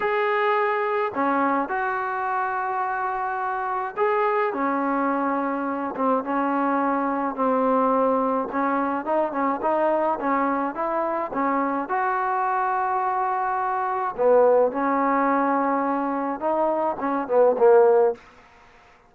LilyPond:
\new Staff \with { instrumentName = "trombone" } { \time 4/4 \tempo 4 = 106 gis'2 cis'4 fis'4~ | fis'2. gis'4 | cis'2~ cis'8 c'8 cis'4~ | cis'4 c'2 cis'4 |
dis'8 cis'8 dis'4 cis'4 e'4 | cis'4 fis'2.~ | fis'4 b4 cis'2~ | cis'4 dis'4 cis'8 b8 ais4 | }